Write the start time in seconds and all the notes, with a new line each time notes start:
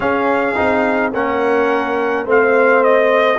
0.00 C#4 G#4 F5
0.55 C4 D#4
1.13 A#3 C#4 A#4 F#5
2.25 A3 C4 C5 F5
2.83 D#5